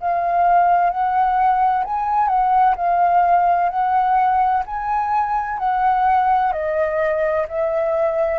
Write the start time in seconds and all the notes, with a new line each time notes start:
0.00 F5
0.89 F#5
1.84 G#5
2.28 F#5
2.76 F5
3.69 F#5
4.66 G#5
5.58 F#5
6.52 D#5
7.48 E5